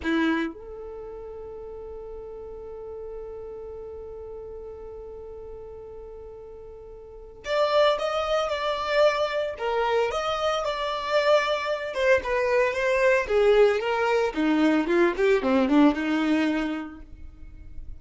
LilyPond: \new Staff \with { instrumentName = "violin" } { \time 4/4 \tempo 4 = 113 e'4 a'2.~ | a'1~ | a'1~ | a'2 d''4 dis''4 |
d''2 ais'4 dis''4 | d''2~ d''8 c''8 b'4 | c''4 gis'4 ais'4 dis'4 | f'8 g'8 c'8 d'8 dis'2 | }